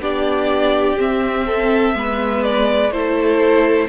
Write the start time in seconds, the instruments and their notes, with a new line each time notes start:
0.00 cello B3, viola D4, violin G4 D5
0.97 viola C4, cello C4, violin E5
1.46 violin A4
1.93 cello G#3, viola B3, violin B4
2.43 violin D5
2.91 cello A3, viola E4, violin A4 C5